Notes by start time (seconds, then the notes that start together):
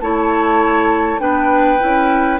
0.00 A3 E4 C#5 A5
1.19 B3 D4 B4 G5
1.79 C#4 E4